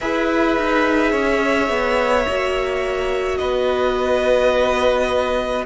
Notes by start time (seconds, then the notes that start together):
0.00 E4 G#4 B4 E5
0.57 D#4
1.11 C#4 C#5
1.69 B3
2.28 A#3 F#4
3.37 B3 B4 D#5